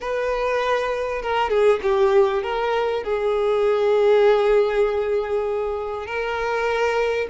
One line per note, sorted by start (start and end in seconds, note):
0.00 1.21 B4
1.21 1.49 A#4
1.49 1.80 G#4
1.82 2.42 G4
2.42 3.03 A#4
3.03 6.06 G#4
6.06 7.27 A#4